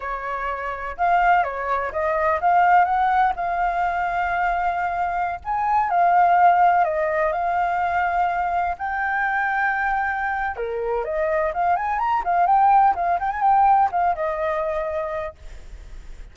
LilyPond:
\new Staff \with { instrumentName = "flute" } { \time 4/4 \tempo 4 = 125 cis''2 f''4 cis''4 | dis''4 f''4 fis''4 f''4~ | f''2.~ f''16 gis''8.~ | gis''16 f''2 dis''4 f''8.~ |
f''2~ f''16 g''4.~ g''16~ | g''2 ais'4 dis''4 | f''8 gis''8 ais''8 f''8 g''4 f''8 g''16 gis''16 | g''4 f''8 dis''2~ dis''8 | }